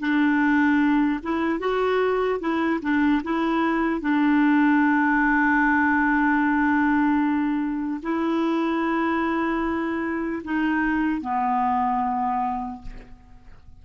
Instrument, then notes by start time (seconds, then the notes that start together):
clarinet
0.00 D4
1.23 E4
1.60 F#4
2.40 E4
2.82 D4
3.23 E4
4.01 D4
8.03 E4
10.44 D#4
11.21 B3